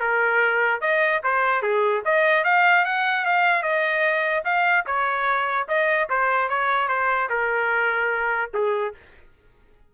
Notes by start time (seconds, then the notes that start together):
0.00 A#4
0.81 D#5
1.23 C5
1.62 G#4
2.05 D#5
2.44 F5
2.85 F#5
3.25 F5
3.62 D#5
4.45 F5
4.86 C#5
5.68 D#5
6.09 C5
6.49 C#5
6.88 C5
7.29 A#4
8.54 G#4